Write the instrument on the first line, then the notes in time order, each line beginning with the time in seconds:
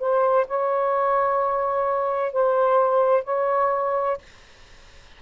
saxophone
0.00 C5
0.47 C#5
2.33 C5
3.24 C#5